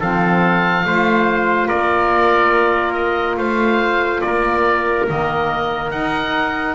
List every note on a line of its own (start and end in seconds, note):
0.00 0.85 F3
0.00 0.85 C4
0.00 0.85 A4
0.00 1.68 F5
0.85 1.69 A3
0.85 5.07 F4
0.85 1.68 C5
1.68 3.37 A#3
1.68 3.37 A#4
1.68 2.93 D5
2.93 3.35 D#5
3.37 4.22 A3
3.37 4.22 C5
3.37 4.21 F5
4.21 5.08 A#3
4.21 6.75 A#4
4.21 5.05 D5
5.07 5.91 D#3
5.07 5.92 A#3
5.07 5.91 D#5
5.91 6.75 D#4
5.91 6.75 F#5